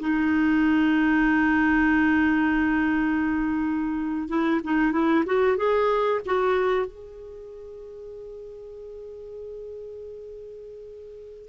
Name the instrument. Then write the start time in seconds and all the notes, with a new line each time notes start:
clarinet
0.00 D#4
4.29 E4
4.64 D#4
4.92 E4
5.26 F#4
5.57 G#4
6.26 F#4
6.86 G#4